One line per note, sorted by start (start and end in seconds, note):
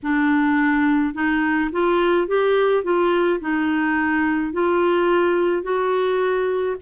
0.03 1.13 D4
1.13 1.70 D#4
1.72 2.27 F4
2.27 2.83 G4
2.83 3.40 F4
3.40 4.53 D#4
4.53 5.62 F4
5.62 6.76 F#4